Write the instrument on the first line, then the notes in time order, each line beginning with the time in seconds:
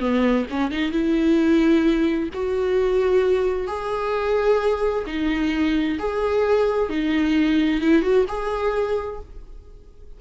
viola
0.00 B3
0.50 C#4
0.71 D#4
0.92 E4
2.34 F#4
3.67 G#4
5.07 D#4
5.99 G#4
6.90 D#4
7.81 E4
8.02 F#4
8.28 G#4